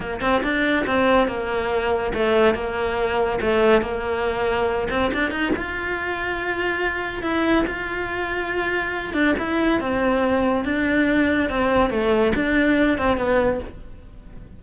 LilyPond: \new Staff \with { instrumentName = "cello" } { \time 4/4 \tempo 4 = 141 ais8 c'8 d'4 c'4 ais4~ | ais4 a4 ais2 | a4 ais2~ ais8 c'8 | d'8 dis'8 f'2.~ |
f'4 e'4 f'2~ | f'4. d'8 e'4 c'4~ | c'4 d'2 c'4 | a4 d'4. c'8 b4 | }